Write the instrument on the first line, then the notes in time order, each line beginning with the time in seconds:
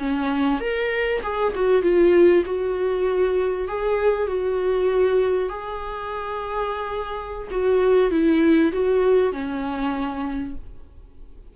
viola
0.00 C#4
0.60 A#4
1.23 G#4
1.56 F#4
1.83 F4
2.46 F#4
3.68 G#4
4.28 F#4
5.50 G#4
7.51 F#4
8.11 E4
8.73 F#4
9.33 C#4